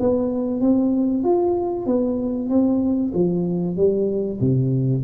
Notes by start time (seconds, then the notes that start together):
0.00 B3
0.61 C4
1.24 F4
1.86 B3
2.49 C4
3.14 F3
3.76 G3
4.40 C3